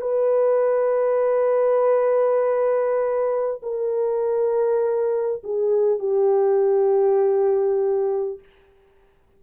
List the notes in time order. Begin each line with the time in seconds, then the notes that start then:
0.00 B4
3.62 A#4
5.43 G#4
5.99 G4